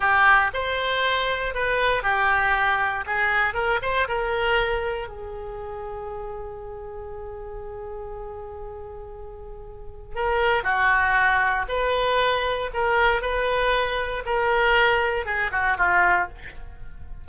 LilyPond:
\new Staff \with { instrumentName = "oboe" } { \time 4/4 \tempo 4 = 118 g'4 c''2 b'4 | g'2 gis'4 ais'8 c''8 | ais'2 gis'2~ | gis'1~ |
gis'1 | ais'4 fis'2 b'4~ | b'4 ais'4 b'2 | ais'2 gis'8 fis'8 f'4 | }